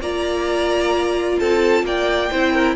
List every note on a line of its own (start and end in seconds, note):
0.00 1.37 A#3
0.00 2.31 F4
0.00 1.39 D5
0.00 1.40 A#5
1.40 1.83 C4
1.40 1.85 A4
1.40 1.86 A5
1.83 2.29 A#3
1.83 2.31 D5
1.83 2.76 G5
2.31 2.76 C4
2.31 2.76 E4
2.31 2.53 C5
2.53 2.76 A#4